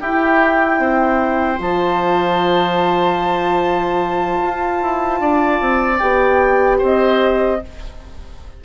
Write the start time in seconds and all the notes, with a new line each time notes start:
0.00 E4 G4 G5
0.78 C4 C5
1.57 F3 F4 A5
4.43 F4
4.82 E4
5.20 D4 D5
5.60 C4
5.98 B3 G4 G5
6.78 C4 C5
6.84 D#5